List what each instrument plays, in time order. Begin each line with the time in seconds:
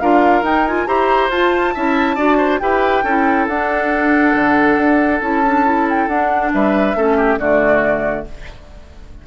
0.00 bassoon D4, clarinet F4, oboe A#4, flute F5
0.42 bassoon D#4, clarinet D#4, flute G5
0.67 clarinet F4, flute G#5
0.87 bassoon E4, clarinet G4, oboe C5, flute A#5
1.30 bassoon F4, clarinet F4, flute A5
1.74 bassoon C#4, clarinet E4, oboe E5
2.16 bassoon D4, clarinet F#4, oboe D5
2.37 oboe C5
2.60 bassoon E4, clarinet G4, oboe B4, flute G5
3.04 bassoon C#4, clarinet E4, oboe A4
3.48 bassoon D4, clarinet D4, flute F#5
4.34 bassoon D3
4.77 bassoon D4
5.21 bassoon C#4, clarinet E4, flute A5
5.46 clarinet D4
5.65 clarinet E4
5.89 flute G5
6.08 bassoon D4, clarinet D4, flute F#5
6.53 bassoon G3, oboe B4, flute E5
6.95 bassoon A3, clarinet C#4, oboe A4
7.17 oboe G4
7.37 bassoon D3, clarinet A3, oboe F#4, flute D5